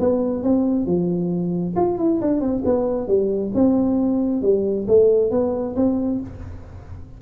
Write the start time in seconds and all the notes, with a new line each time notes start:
0.00 B3
0.43 C4
0.86 F3
1.76 F4
1.98 E4
2.21 D4
2.41 C4
2.65 B3
3.08 G3
3.55 C4
4.42 G3
4.88 A3
5.31 B3
5.76 C4